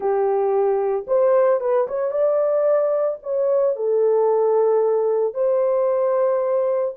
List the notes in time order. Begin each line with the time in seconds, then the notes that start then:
0.00 G4
1.07 C5
1.60 B4
1.87 C#5
2.11 D5
3.22 C#5
3.76 A4
5.34 C5